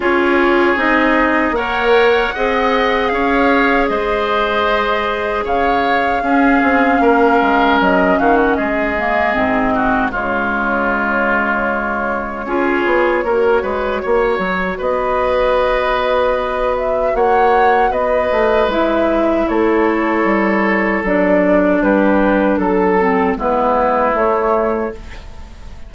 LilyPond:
<<
  \new Staff \with { instrumentName = "flute" } { \time 4/4 \tempo 4 = 77 cis''4 dis''4 fis''2 | f''4 dis''2 f''4~ | f''2 dis''8 f''16 fis''16 dis''4~ | dis''4 cis''2.~ |
cis''2. dis''4~ | dis''4. e''8 fis''4 dis''4 | e''4 cis''2 d''4 | b'4 a'4 b'4 cis''4 | }
  \new Staff \with { instrumentName = "oboe" } { \time 4/4 gis'2 cis''4 dis''4 | cis''4 c''2 cis''4 | gis'4 ais'4. fis'8 gis'4~ | gis'8 fis'8 f'2. |
gis'4 ais'8 b'8 cis''4 b'4~ | b'2 cis''4 b'4~ | b'4 a'2. | g'4 a'4 e'2 | }
  \new Staff \with { instrumentName = "clarinet" } { \time 4/4 f'4 dis'4 ais'4 gis'4~ | gis'1 | cis'2.~ cis'8 ais8 | c'4 gis2. |
f'4 fis'2.~ | fis'1 | e'2. d'4~ | d'4. c'8 b4 a4 | }
  \new Staff \with { instrumentName = "bassoon" } { \time 4/4 cis'4 c'4 ais4 c'4 | cis'4 gis2 cis4 | cis'8 c'8 ais8 gis8 fis8 dis8 gis4 | gis,4 cis2. |
cis'8 b8 ais8 gis8 ais8 fis8 b4~ | b2 ais4 b8 a8 | gis4 a4 g4 fis4 | g4 fis4 gis4 a4 | }
>>